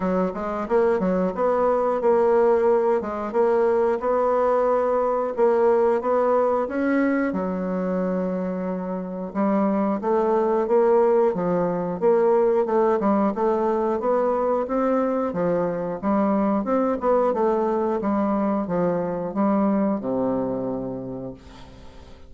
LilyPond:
\new Staff \with { instrumentName = "bassoon" } { \time 4/4 \tempo 4 = 90 fis8 gis8 ais8 fis8 b4 ais4~ | ais8 gis8 ais4 b2 | ais4 b4 cis'4 fis4~ | fis2 g4 a4 |
ais4 f4 ais4 a8 g8 | a4 b4 c'4 f4 | g4 c'8 b8 a4 g4 | f4 g4 c2 | }